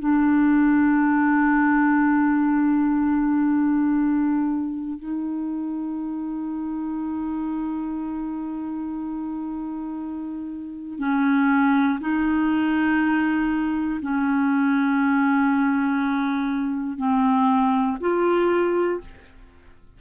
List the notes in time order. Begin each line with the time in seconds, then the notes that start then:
0.00 D4
4.99 D#4
10.99 C#4
12.01 D#4
14.02 C#4
16.98 C4
18.00 F4